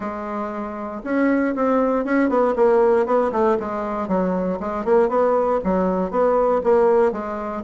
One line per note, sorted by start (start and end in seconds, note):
0.00 1.02 G#3
1.04 1.54 C#4
1.55 2.05 C4
2.05 2.29 C#4
2.29 2.54 B3
2.56 3.05 A#3
3.05 3.31 B3
3.31 3.57 A3
3.59 4.08 G#3
4.08 4.59 F#3
4.60 4.84 G#3
4.84 5.08 A#3
5.08 5.59 B3
5.64 6.10 F#3
6.10 6.61 B3
6.63 7.11 A#3
7.11 7.62 G#3